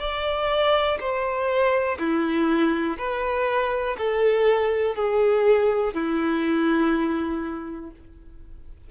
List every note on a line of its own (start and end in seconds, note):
0.00 0.98 D5
1.00 1.99 C5
1.99 2.97 E4
2.98 3.97 B4
3.98 4.96 A4
4.96 5.94 G#4
5.94 7.91 E4